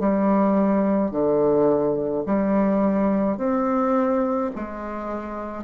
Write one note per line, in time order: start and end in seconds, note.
0.00 1.12 G3
1.12 2.25 D3
2.26 3.38 G3
3.38 4.51 C4
4.56 5.64 G#3